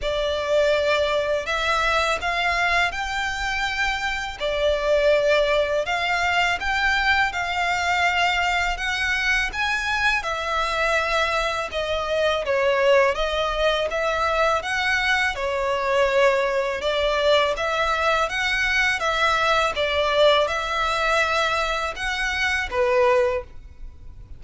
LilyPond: \new Staff \with { instrumentName = "violin" } { \time 4/4 \tempo 4 = 82 d''2 e''4 f''4 | g''2 d''2 | f''4 g''4 f''2 | fis''4 gis''4 e''2 |
dis''4 cis''4 dis''4 e''4 | fis''4 cis''2 d''4 | e''4 fis''4 e''4 d''4 | e''2 fis''4 b'4 | }